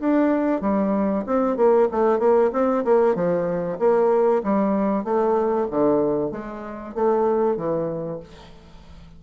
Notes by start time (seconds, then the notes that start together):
0.00 D4
0.61 G3
1.26 C4
1.57 A#3
1.92 A3
2.19 A#3
2.53 C4
2.85 A#3
3.15 F3
3.79 A#3
4.44 G3
5.04 A3
5.71 D3
6.32 G#3
6.95 A3
7.57 E3